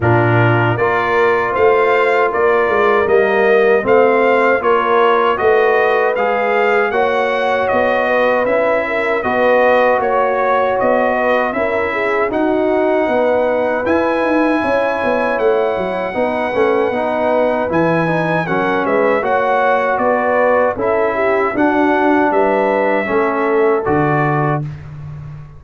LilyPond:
<<
  \new Staff \with { instrumentName = "trumpet" } { \time 4/4 \tempo 4 = 78 ais'4 d''4 f''4 d''4 | dis''4 f''4 cis''4 dis''4 | f''4 fis''4 dis''4 e''4 | dis''4 cis''4 dis''4 e''4 |
fis''2 gis''2 | fis''2. gis''4 | fis''8 e''8 fis''4 d''4 e''4 | fis''4 e''2 d''4 | }
  \new Staff \with { instrumentName = "horn" } { \time 4/4 f'4 ais'4 c''4 ais'4~ | ais'4 c''4 ais'4 b'4~ | b'4 cis''4. b'4 ais'8 | b'4 cis''4. b'8 ais'8 gis'8 |
fis'4 b'2 cis''4~ | cis''4 b'2. | ais'8 b'8 cis''4 b'4 a'8 g'8 | fis'4 b'4 a'2 | }
  \new Staff \with { instrumentName = "trombone" } { \time 4/4 d'4 f'2. | ais4 c'4 f'4 fis'4 | gis'4 fis'2 e'4 | fis'2. e'4 |
dis'2 e'2~ | e'4 dis'8 cis'8 dis'4 e'8 dis'8 | cis'4 fis'2 e'4 | d'2 cis'4 fis'4 | }
  \new Staff \with { instrumentName = "tuba" } { \time 4/4 ais,4 ais4 a4 ais8 gis8 | g4 a4 ais4 a4 | gis4 ais4 b4 cis'4 | b4 ais4 b4 cis'4 |
dis'4 b4 e'8 dis'8 cis'8 b8 | a8 fis8 b8 a8 b4 e4 | fis8 gis8 ais4 b4 cis'4 | d'4 g4 a4 d4 | }
>>